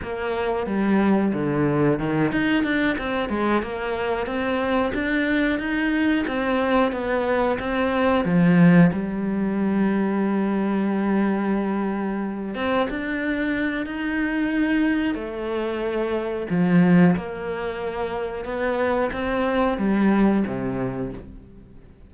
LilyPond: \new Staff \with { instrumentName = "cello" } { \time 4/4 \tempo 4 = 91 ais4 g4 d4 dis8 dis'8 | d'8 c'8 gis8 ais4 c'4 d'8~ | d'8 dis'4 c'4 b4 c'8~ | c'8 f4 g2~ g8~ |
g2. c'8 d'8~ | d'4 dis'2 a4~ | a4 f4 ais2 | b4 c'4 g4 c4 | }